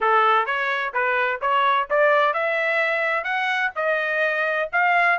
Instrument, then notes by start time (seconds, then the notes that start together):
trumpet
0.00 A4
0.45 C#5
0.93 B4
1.41 C#5
1.90 D5
2.33 E5
3.24 F#5
3.75 D#5
4.72 F5